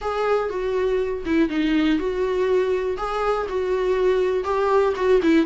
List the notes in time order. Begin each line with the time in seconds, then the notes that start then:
0.01 G#4
0.49 F#4
1.25 E4
1.49 D#4
1.98 F#4
2.97 G#4
3.48 F#4
4.44 G4
4.96 F#4
5.22 E4